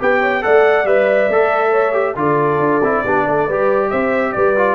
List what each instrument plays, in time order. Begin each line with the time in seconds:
0.00 tuba B3, trombone G4, horn B4, trumpet G5
0.20 horn C#5
0.42 tuba A3, trombone A4, horn D5, trumpet F#5
0.85 tuba G3, trombone B4, trumpet E5
1.29 tuba A3, trombone A4
1.71 horn C#5
1.93 trombone G4
2.16 tuba D3, trombone F4, horn A4, trumpet D5
2.59 tuba D4
2.82 tuba C4, trombone E4
3.04 tuba B3, trombone D4, horn G4
3.27 tuba A3, horn A4
3.47 tuba G3, trombone G4, horn B4
3.90 tuba C4, horn C5, trumpet E5
4.33 tuba G3, horn B4, trumpet D5
4.57 trombone F4